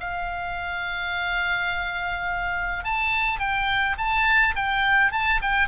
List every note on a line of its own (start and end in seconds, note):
0.00 2.84 F5
2.84 3.39 A5
3.39 3.96 G5
3.97 4.55 A5
4.55 5.12 G5
5.12 5.40 A5
5.42 5.68 G5